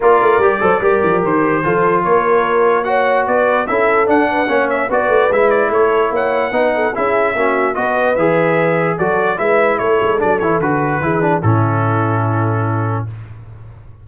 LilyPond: <<
  \new Staff \with { instrumentName = "trumpet" } { \time 4/4 \tempo 4 = 147 d''2. c''4~ | c''4 cis''2 fis''4 | d''4 e''4 fis''4. e''8 | d''4 e''8 d''8 cis''4 fis''4~ |
fis''4 e''2 dis''4 | e''2 d''4 e''4 | cis''4 d''8 cis''8 b'2 | a'1 | }
  \new Staff \with { instrumentName = "horn" } { \time 4/4 ais'4. c''8 ais'2 | a'4 ais'2 cis''4 | b'4 a'4. b'8 cis''4 | b'2 a'4 cis''4 |
b'8 a'8 gis'4 fis'4 b'4~ | b'2 a'4 b'4 | a'2. gis'4 | e'1 | }
  \new Staff \with { instrumentName = "trombone" } { \time 4/4 f'4 g'8 a'8 g'2 | f'2. fis'4~ | fis'4 e'4 d'4 cis'4 | fis'4 e'2. |
dis'4 e'4 cis'4 fis'4 | gis'2 fis'4 e'4~ | e'4 d'8 e'8 fis'4 e'8 d'8 | cis'1 | }
  \new Staff \with { instrumentName = "tuba" } { \time 4/4 ais8 a8 g8 fis8 g8 f8 dis4 | f4 ais2. | b4 cis'4 d'4 ais4 | b8 a8 gis4 a4 ais4 |
b4 cis'4 ais4 b4 | e2 fis4 gis4 | a8 gis8 fis8 e8 d4 e4 | a,1 | }
>>